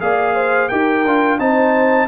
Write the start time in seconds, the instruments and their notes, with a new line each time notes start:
0.00 tuba A#3, trombone G#4, horn D5, trumpet F5
0.35 horn C5
0.68 tuba D#4, trombone G4, horn A#4, trumpet G5
1.05 tuba D4, trombone F4
1.39 tuba C4, trombone D#4, horn C5, trumpet A5